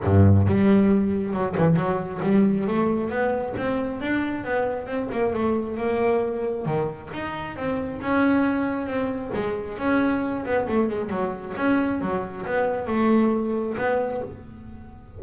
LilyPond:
\new Staff \with { instrumentName = "double bass" } { \time 4/4 \tempo 4 = 135 g,4 g2 fis8 e8 | fis4 g4 a4 b4 | c'4 d'4 b4 c'8 ais8 | a4 ais2 dis4 |
dis'4 c'4 cis'2 | c'4 gis4 cis'4. b8 | a8 gis8 fis4 cis'4 fis4 | b4 a2 b4 | }